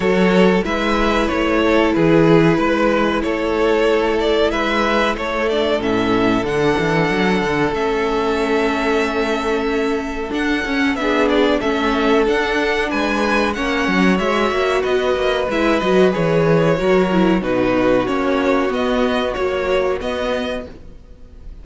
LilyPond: <<
  \new Staff \with { instrumentName = "violin" } { \time 4/4 \tempo 4 = 93 cis''4 e''4 cis''4 b'4~ | b'4 cis''4. d''8 e''4 | cis''8 d''8 e''4 fis''2 | e''1 |
fis''4 e''8 d''8 e''4 fis''4 | gis''4 fis''4 e''4 dis''4 | e''8 dis''8 cis''2 b'4 | cis''4 dis''4 cis''4 dis''4 | }
  \new Staff \with { instrumentName = "violin" } { \time 4/4 a'4 b'4. a'8 gis'4 | b'4 a'2 b'4 | a'1~ | a'1~ |
a'4 gis'4 a'2 | b'4 cis''2 b'4~ | b'2 ais'4 fis'4~ | fis'1 | }
  \new Staff \with { instrumentName = "viola" } { \time 4/4 fis'4 e'2.~ | e'1~ | e'8 d'8 cis'4 d'2 | cis'1 |
d'8 cis'8 d'4 cis'4 d'4~ | d'4 cis'4 fis'2 | e'8 fis'8 gis'4 fis'8 e'8 dis'4 | cis'4 b4 fis4 b4 | }
  \new Staff \with { instrumentName = "cello" } { \time 4/4 fis4 gis4 a4 e4 | gis4 a2 gis4 | a4 a,4 d8 e8 fis8 d8 | a1 |
d'8 cis'8 b4 a4 d'4 | gis4 ais8 fis8 gis8 ais8 b8 ais8 | gis8 fis8 e4 fis4 b,4 | ais4 b4 ais4 b4 | }
>>